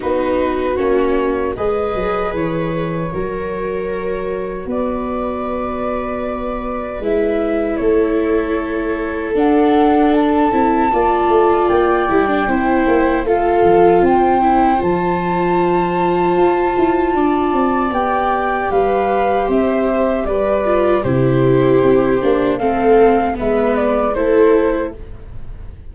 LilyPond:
<<
  \new Staff \with { instrumentName = "flute" } { \time 4/4 \tempo 4 = 77 b'4 cis''4 dis''4 cis''4~ | cis''2 d''2~ | d''4 e''4 cis''2 | fis''4 a''2 g''4~ |
g''4 f''4 g''4 a''4~ | a''2. g''4 | f''4 e''4 d''4 c''4~ | c''4 f''4 e''8 d''8 c''4 | }
  \new Staff \with { instrumentName = "viola" } { \time 4/4 fis'2 b'2 | ais'2 b'2~ | b'2 a'2~ | a'2 d''2 |
c''4 a'4 c''2~ | c''2 d''2 | b'4 c''4 b'4 g'4~ | g'4 a'4 b'4 a'4 | }
  \new Staff \with { instrumentName = "viola" } { \time 4/4 dis'4 cis'4 gis'2 | fis'1~ | fis'4 e'2. | d'4. e'8 f'4. e'16 d'16 |
e'4 f'4. e'8 f'4~ | f'2. g'4~ | g'2~ g'8 f'8 e'4~ | e'8 d'8 c'4 b4 e'4 | }
  \new Staff \with { instrumentName = "tuba" } { \time 4/4 b4 ais4 gis8 fis8 e4 | fis2 b2~ | b4 gis4 a2 | d'4. c'8 ais8 a8 ais8 g8 |
c'8 ais8 a8 f8 c'4 f4~ | f4 f'8 e'8 d'8 c'8 b4 | g4 c'4 g4 c4 | c'8 ais8 a4 gis4 a4 | }
>>